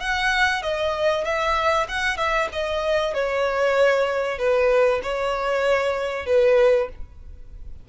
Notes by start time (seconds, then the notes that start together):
0.00 F#5
0.62 D#5
1.24 E5
1.88 F#5
2.17 E5
2.52 D#5
3.14 C#5
4.38 B4
5.03 C#5
6.26 B4